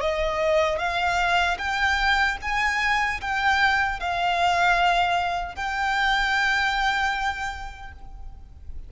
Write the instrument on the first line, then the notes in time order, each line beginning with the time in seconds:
violin
0.00 D#5
0.78 F5
1.58 G5
2.41 G#5
3.20 G5
3.99 F5
5.55 G5